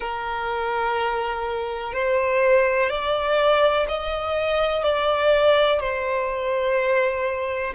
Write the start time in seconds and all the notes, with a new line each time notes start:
0.00 A#4
1.93 C5
2.89 D5
3.88 D#5
4.83 D5
5.79 C5